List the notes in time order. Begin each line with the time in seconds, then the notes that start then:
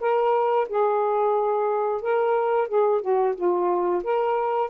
0.00 A#4
0.68 G#4
2.01 A#4
2.68 G#4
3.01 F#4
3.35 F4
4.03 A#4